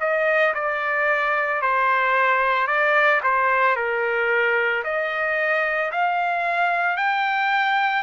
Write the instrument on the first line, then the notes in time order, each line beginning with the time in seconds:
trumpet
0.00 D#5
0.54 D5
1.61 C5
2.67 D5
3.23 C5
3.75 A#4
4.84 D#5
5.91 F5
6.96 G5